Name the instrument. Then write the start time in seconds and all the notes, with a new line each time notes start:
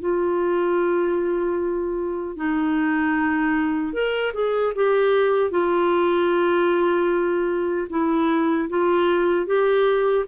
clarinet
0.00 F4
2.37 D#4
3.93 A#4
4.34 G#4
4.75 G4
5.51 F4
7.90 E4
8.69 F4
9.46 G4